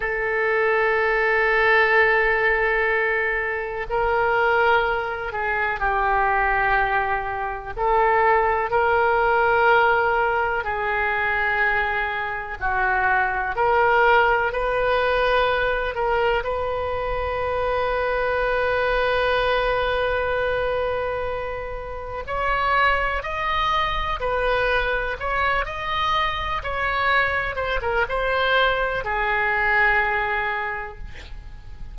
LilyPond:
\new Staff \with { instrumentName = "oboe" } { \time 4/4 \tempo 4 = 62 a'1 | ais'4. gis'8 g'2 | a'4 ais'2 gis'4~ | gis'4 fis'4 ais'4 b'4~ |
b'8 ais'8 b'2.~ | b'2. cis''4 | dis''4 b'4 cis''8 dis''4 cis''8~ | cis''8 c''16 ais'16 c''4 gis'2 | }